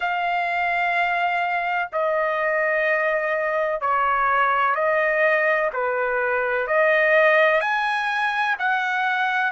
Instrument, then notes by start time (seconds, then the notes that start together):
trumpet
0.00 F5
1.92 D#5
3.81 C#5
4.74 D#5
5.73 B4
6.67 D#5
7.60 G#5
8.58 F#5